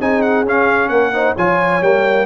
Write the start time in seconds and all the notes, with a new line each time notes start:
0.00 C4 D#4 G#4 G#5
0.22 F#5
0.44 C#4 F5
0.88 A#3 A#4 F#5
1.13 D#4 C5
1.35 F3 F4 C#5 G#5
1.81 G3 A#3 G5